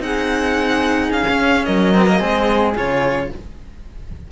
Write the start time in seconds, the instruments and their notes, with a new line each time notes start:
0.00 cello C4 D#4, flute G#4, violin F#5
1.12 cello C#4, violin F5
1.28 cello C#4
1.66 cello F#3, flute A#4, violin D#5
1.95 cello C4
2.07 cello A#3
2.19 cello G#3 C4, flute G#4
2.75 cello C#3 F4, violin C#5